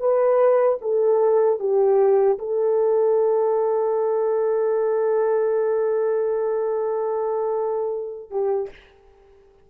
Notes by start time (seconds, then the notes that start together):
0.00 B4
0.81 A4
1.59 G4
2.39 A4
8.30 G4